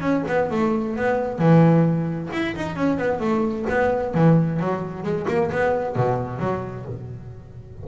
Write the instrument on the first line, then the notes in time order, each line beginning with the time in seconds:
double bass
0.00 C#4
0.27 B3
0.50 A3
0.96 B3
1.38 E3
2.32 E4
2.55 D#4
2.75 C#4
2.98 B3
3.19 A3
3.69 B3
4.14 E3
4.59 F#3
5.03 G#3
5.27 A#3
5.51 B3
5.96 B2
6.39 F#3